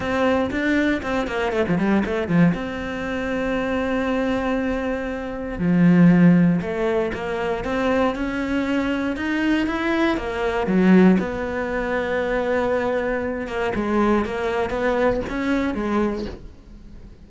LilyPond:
\new Staff \with { instrumentName = "cello" } { \time 4/4 \tempo 4 = 118 c'4 d'4 c'8 ais8 a16 f16 g8 | a8 f8 c'2.~ | c'2. f4~ | f4 a4 ais4 c'4 |
cis'2 dis'4 e'4 | ais4 fis4 b2~ | b2~ b8 ais8 gis4 | ais4 b4 cis'4 gis4 | }